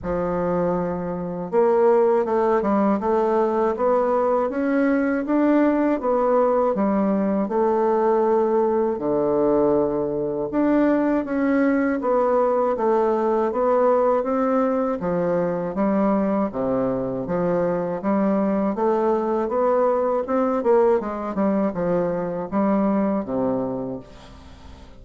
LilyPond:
\new Staff \with { instrumentName = "bassoon" } { \time 4/4 \tempo 4 = 80 f2 ais4 a8 g8 | a4 b4 cis'4 d'4 | b4 g4 a2 | d2 d'4 cis'4 |
b4 a4 b4 c'4 | f4 g4 c4 f4 | g4 a4 b4 c'8 ais8 | gis8 g8 f4 g4 c4 | }